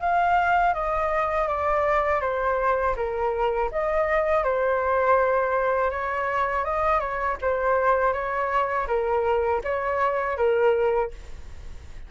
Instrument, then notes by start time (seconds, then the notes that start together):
flute
0.00 F5
0.73 D#5
1.47 D5
2.21 C5
2.96 A#4
3.71 D#5
4.43 C5
5.90 C#5
6.64 D#5
7.00 C#5
7.41 C5
8.12 C#5
8.87 A#4
9.63 C#5
10.37 A#4